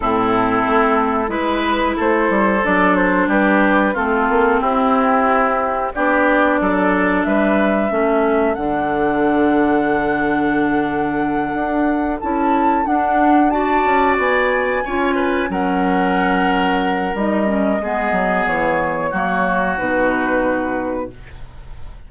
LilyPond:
<<
  \new Staff \with { instrumentName = "flute" } { \time 4/4 \tempo 4 = 91 a'2 b'4 c''4 | d''8 c''8 b'4 a'4 g'4~ | g'4 d''2 e''4~ | e''4 fis''2.~ |
fis''2~ fis''8 a''4 fis''8~ | fis''8 a''4 gis''2 fis''8~ | fis''2 dis''2 | cis''2 b'2 | }
  \new Staff \with { instrumentName = "oboe" } { \time 4/4 e'2 b'4 a'4~ | a'4 g'4 f'4 e'4~ | e'4 g'4 a'4 b'4 | a'1~ |
a'1~ | a'8 d''2 cis''8 b'8 ais'8~ | ais'2. gis'4~ | gis'4 fis'2. | }
  \new Staff \with { instrumentName = "clarinet" } { \time 4/4 c'2 e'2 | d'2 c'2~ | c'4 d'2. | cis'4 d'2.~ |
d'2~ d'8 e'4 d'8~ | d'8 fis'2 f'4 cis'8~ | cis'2 dis'8 cis'8 b4~ | b4 ais4 dis'2 | }
  \new Staff \with { instrumentName = "bassoon" } { \time 4/4 a,4 a4 gis4 a8 g8 | fis4 g4 a8 ais8 c'4~ | c'4 b4 fis4 g4 | a4 d2.~ |
d4. d'4 cis'4 d'8~ | d'4 cis'8 b4 cis'4 fis8~ | fis2 g4 gis8 fis8 | e4 fis4 b,2 | }
>>